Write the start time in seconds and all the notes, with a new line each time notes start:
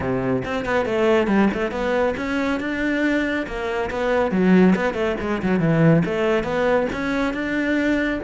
0.00 C3
0.44 C4
0.65 B3
0.85 A3
1.27 G3
1.53 A3
1.71 B3
2.17 C#4
2.60 D4
3.46 A#3
3.90 B3
4.31 F#3
4.75 B3
4.94 A3
5.20 G#3
5.42 F#3
5.59 E3
6.05 A3
6.43 B3
6.92 C#4
7.33 D4